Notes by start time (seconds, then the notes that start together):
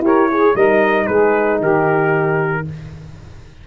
0.00 E4 G4 A#4 C#5
0.31 G#4
0.55 G3 D#4 A#4 D#5
1.07 G#3 G#4 B4
1.60 D#3 G4 A#4